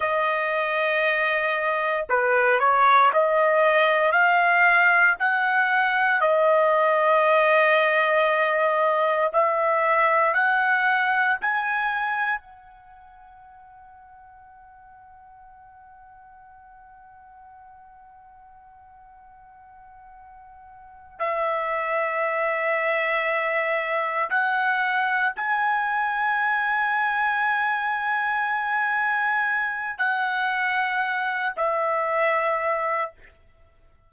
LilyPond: \new Staff \with { instrumentName = "trumpet" } { \time 4/4 \tempo 4 = 58 dis''2 b'8 cis''8 dis''4 | f''4 fis''4 dis''2~ | dis''4 e''4 fis''4 gis''4 | fis''1~ |
fis''1~ | fis''8 e''2. fis''8~ | fis''8 gis''2.~ gis''8~ | gis''4 fis''4. e''4. | }